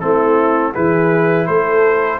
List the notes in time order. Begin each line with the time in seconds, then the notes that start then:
0.00 A3 C4 E4 A4
0.73 E3 E4 G#4 B4
1.47 A3 A4 C5